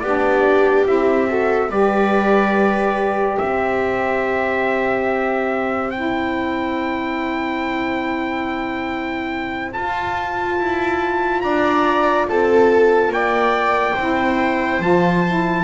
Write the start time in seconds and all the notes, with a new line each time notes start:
0.00 B3 D4 G4 D5
0.86 C4 E4 E5
1.27 F#4 A4
1.69 G3 G4 B4 D5
3.38 C4 C5 E5
5.90 E4 G5
9.71 F4 A5
10.58 E4
11.41 D4 D5 A#5
12.29 C4 A4 A5
13.08 A#3 D5 G5
13.93 C4 E4 C5
14.80 F3 F4 A5
15.27 E4